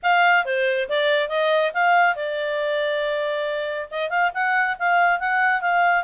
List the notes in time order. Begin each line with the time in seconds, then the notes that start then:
0.03 F5
0.45 C5
0.88 D5
1.28 D#5
1.73 F5
2.15 D5
3.90 D#5
4.09 F5
4.33 F#5
4.79 F5
5.19 F#5
5.61 F5